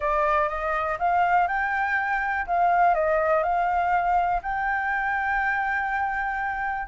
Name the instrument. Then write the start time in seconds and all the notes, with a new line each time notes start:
flute
0.00 D5
0.49 D#5
0.99 F5
1.47 G5
2.46 F5
2.94 D#5
3.43 F5
4.42 G5